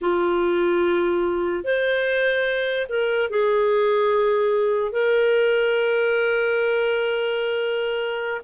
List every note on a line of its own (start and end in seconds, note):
0.01 1.64 F4
1.64 2.87 C5
2.88 3.30 A#4
3.30 4.92 G#4
4.92 8.41 A#4